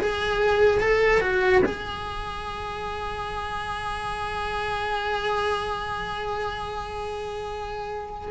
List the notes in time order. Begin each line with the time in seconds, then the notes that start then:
0.00 G#4
0.81 A4
1.21 F#4
1.66 G#4